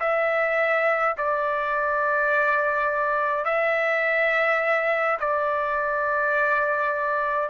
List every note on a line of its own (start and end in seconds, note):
0.00 1.15 E5
1.18 3.45 D5
3.45 5.18 E5
5.20 7.49 D5